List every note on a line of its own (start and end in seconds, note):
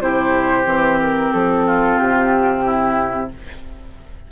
0.00 0.66 C3
0.00 0.65 E4
0.00 1.66 G4
0.00 1.00 C5
0.65 1.32 E3
0.65 3.29 C4
1.02 1.33 A#4
1.33 1.99 F3
1.33 1.99 A4
1.66 2.65 F4
1.99 3.32 C3
1.99 3.31 G4
2.65 3.31 E4